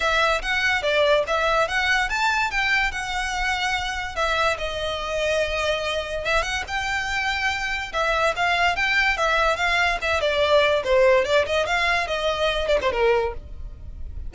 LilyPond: \new Staff \with { instrumentName = "violin" } { \time 4/4 \tempo 4 = 144 e''4 fis''4 d''4 e''4 | fis''4 a''4 g''4 fis''4~ | fis''2 e''4 dis''4~ | dis''2. e''8 fis''8 |
g''2. e''4 | f''4 g''4 e''4 f''4 | e''8 d''4. c''4 d''8 dis''8 | f''4 dis''4. d''16 c''16 ais'4 | }